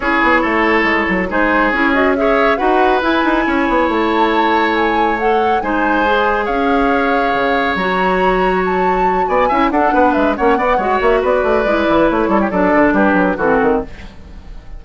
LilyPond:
<<
  \new Staff \with { instrumentName = "flute" } { \time 4/4 \tempo 4 = 139 cis''2. c''4 | cis''8 dis''8 e''4 fis''4 gis''4~ | gis''4 a''2 gis''4 | fis''4 gis''2 f''4~ |
f''2 ais''2 | a''4. gis''4 fis''4 e''8 | fis''4. e''8 d''2 | cis''4 d''4 b'4 a'4 | }
  \new Staff \with { instrumentName = "oboe" } { \time 4/4 gis'4 a'2 gis'4~ | gis'4 cis''4 b'2 | cis''1~ | cis''4 c''2 cis''4~ |
cis''1~ | cis''4. d''8 e''8 a'8 b'4 | cis''8 d''8 cis''4 b'2~ | b'8 a'16 g'16 a'4 g'4 fis'4 | }
  \new Staff \with { instrumentName = "clarinet" } { \time 4/4 e'2. dis'4 | e'8 fis'8 gis'4 fis'4 e'4~ | e'1 | a'4 dis'4 gis'2~ |
gis'2 fis'2~ | fis'2 e'8 d'4. | cis'8 b8 fis'2 e'4~ | e'4 d'2 c'4 | }
  \new Staff \with { instrumentName = "bassoon" } { \time 4/4 cis'8 b8 a4 gis8 fis8 gis4 | cis'2 dis'4 e'8 dis'8 | cis'8 b8 a2.~ | a4 gis2 cis'4~ |
cis'4 cis4 fis2~ | fis4. b8 cis'8 d'8 b8 gis8 | ais8 b8 gis8 ais8 b8 a8 gis8 e8 | a8 g8 fis8 d8 g8 fis8 e8 dis8 | }
>>